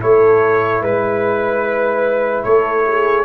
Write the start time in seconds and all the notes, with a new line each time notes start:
0.00 A3 E4 A4 C#5
0.82 G#3 B4
2.44 A3 A4 C#5
2.87 G#4